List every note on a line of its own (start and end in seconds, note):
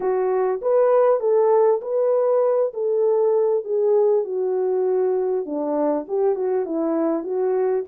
0.00 0.60 F#4
0.61 1.20 B4
1.20 1.80 A4
1.81 2.72 B4
2.73 3.64 A4
3.64 4.24 G#4
4.24 5.45 F#4
5.45 6.06 D4
6.08 6.35 G4
6.35 6.65 F#4
6.65 7.23 E4
7.23 7.84 F#4